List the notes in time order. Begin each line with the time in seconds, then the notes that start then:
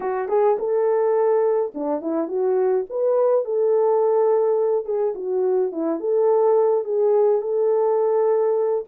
0.00 F#4
0.28 G#4
0.58 A4
1.74 D4
2.01 E4
2.28 F#4
2.89 B4
3.44 A4
4.85 G#4
5.14 F#4
5.72 E4
5.99 A4
6.84 G#4
7.41 A4